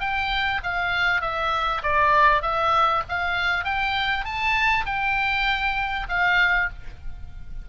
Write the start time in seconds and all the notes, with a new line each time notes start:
0.00 G5
0.63 F5
1.21 E5
1.83 D5
2.42 E5
3.09 F5
3.64 G5
4.25 A5
4.86 G5
6.09 F5